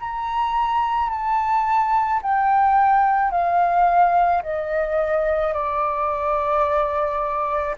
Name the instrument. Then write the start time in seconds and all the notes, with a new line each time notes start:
flute
0.00 A#5
1.10 A5
2.22 G5
3.31 F5
4.43 D#5
5.54 D5